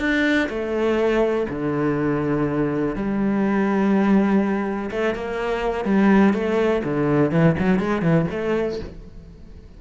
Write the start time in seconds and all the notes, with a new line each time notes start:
0.00 D4
0.49 A3
1.50 D3
2.96 G3
4.91 A3
5.15 A#3
5.85 G3
6.34 A3
6.85 D3
7.31 E3
7.59 F#3
7.80 G#3
8.02 E3
8.31 A3